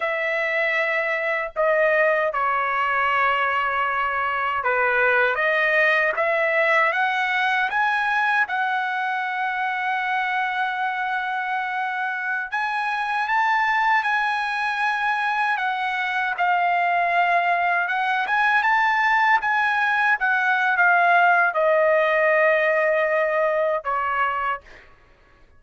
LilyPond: \new Staff \with { instrumentName = "trumpet" } { \time 4/4 \tempo 4 = 78 e''2 dis''4 cis''4~ | cis''2 b'4 dis''4 | e''4 fis''4 gis''4 fis''4~ | fis''1~ |
fis''16 gis''4 a''4 gis''4.~ gis''16~ | gis''16 fis''4 f''2 fis''8 gis''16~ | gis''16 a''4 gis''4 fis''8. f''4 | dis''2. cis''4 | }